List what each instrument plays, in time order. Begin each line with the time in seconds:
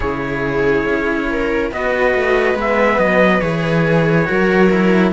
0.00 cello C#3 E4, viola G#4, trumpet C#5
0.85 cello C#4
1.29 viola A#4
1.71 cello B3 F#4, viola B4, trumpet D#5
2.14 cello A3
2.54 cello G#3 B3, trumpet E5
2.98 cello F#3, trumpet D#5
3.40 cello E3 G#4, trumpet C#5
4.25 cello F#3 F#4, viola A#4
4.70 cello E4